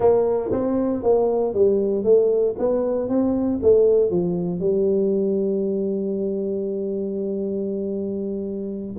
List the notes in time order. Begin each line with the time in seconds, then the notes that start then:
0.00 A#3
0.51 C4
1.02 A#3
1.54 G3
2.03 A3
2.58 B3
3.08 C4
3.62 A3
4.10 F3
4.59 G3